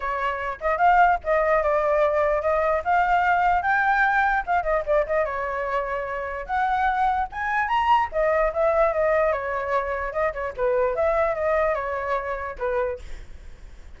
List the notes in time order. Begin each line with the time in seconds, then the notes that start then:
0.00 C#5
0.60 D#5
0.77 F5
1.24 D#5
1.63 D5
2.41 D#5
2.84 F5
3.62 G5
4.46 F5
4.63 D#5
4.85 D5
5.06 D#5
5.25 C#5
6.46 F#5
7.32 G#5
7.68 A#5
8.12 D#5
8.53 E5
8.93 D#5
9.32 C#5
10.12 D#5
10.33 C#5
10.57 B4
10.95 E5
11.34 D#5
11.74 C#5
12.58 B4